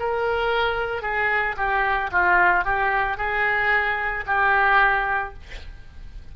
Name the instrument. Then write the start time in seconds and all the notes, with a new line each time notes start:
oboe
0.00 A#4
1.02 G#4
1.57 G4
2.12 F4
2.65 G4
3.18 G#4
4.27 G4